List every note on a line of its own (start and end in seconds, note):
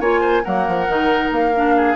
0.00 0.44 A#3
0.00 0.44 F4
0.00 0.20 C#5
0.00 0.44 G#5
0.20 0.42 C5
0.44 0.68 F#3
0.44 0.88 A#3
0.44 1.76 A#4
0.44 1.31 F#5
0.68 0.89 F3
0.88 1.31 D#3
0.88 1.54 D#4
1.31 1.96 A#3
1.31 1.96 F5
1.54 1.96 D4
1.77 1.96 G#4